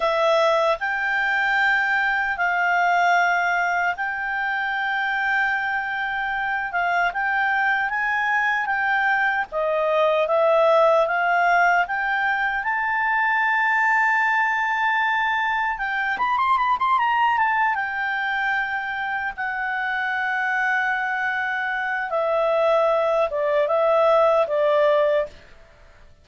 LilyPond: \new Staff \with { instrumentName = "clarinet" } { \time 4/4 \tempo 4 = 76 e''4 g''2 f''4~ | f''4 g''2.~ | g''8 f''8 g''4 gis''4 g''4 | dis''4 e''4 f''4 g''4 |
a''1 | g''8 b''16 c'''16 b''16 c'''16 ais''8 a''8 g''4.~ | g''8 fis''2.~ fis''8 | e''4. d''8 e''4 d''4 | }